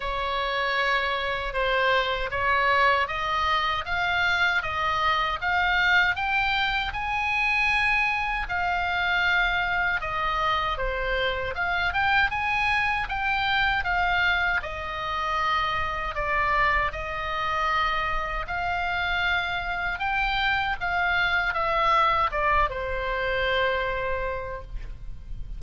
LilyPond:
\new Staff \with { instrumentName = "oboe" } { \time 4/4 \tempo 4 = 78 cis''2 c''4 cis''4 | dis''4 f''4 dis''4 f''4 | g''4 gis''2 f''4~ | f''4 dis''4 c''4 f''8 g''8 |
gis''4 g''4 f''4 dis''4~ | dis''4 d''4 dis''2 | f''2 g''4 f''4 | e''4 d''8 c''2~ c''8 | }